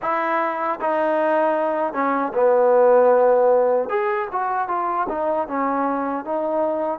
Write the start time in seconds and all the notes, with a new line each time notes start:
0.01 E4
0.80 D#4
1.93 C#4
2.33 B3
3.89 G#4
4.31 F#4
4.68 F4
5.09 D#4
5.47 C#4
6.24 D#4